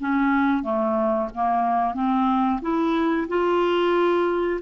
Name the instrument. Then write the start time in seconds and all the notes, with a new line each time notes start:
clarinet
0.00 C#4
0.63 A3
1.34 A#3
1.94 C4
2.61 E4
3.28 F4